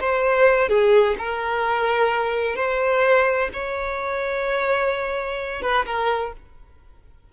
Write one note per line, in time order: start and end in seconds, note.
0.00 0.68 C5
0.68 1.15 G#4
1.18 2.55 A#4
2.55 3.49 C5
3.53 5.62 C#5
5.62 5.85 B4
5.85 6.32 A#4